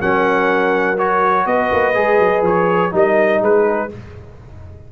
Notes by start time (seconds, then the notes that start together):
0.00 F#3 C#4 A#4 F#5
0.98 F#4 C#5
1.46 B3 B4 D#5
1.73 A#3
1.94 G#3 G#4
2.19 F#3
2.42 F3 C#5
2.92 G3 D#4 A#4 D#5
3.42 G#3 G#4 B4